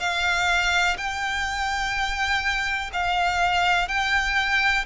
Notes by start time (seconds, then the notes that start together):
0.00 F5
0.98 G5
2.93 F5
3.88 G5